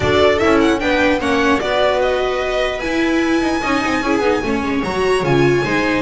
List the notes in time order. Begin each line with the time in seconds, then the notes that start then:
0.00 D4 F#4 A4 D5
0.38 C#4 E4 E5
0.60 F#5
0.79 B3 D4 B4 G5
1.19 A#3 C#4 C#5 F#5
1.59 B3 F#4 B4 D5
2.02 D#5
2.80 E4 G#5
3.41 D#4
3.62 C#4 D#4 D#5
3.84 C4
4.01 C#4 E4 G#4
4.19 B3 D#4
4.43 A3 C#4 C#5
4.62 G#3
4.83 F#3 F#4 A#5
5.23 C#3 F4 G#5
5.64 G#3 D#4 C5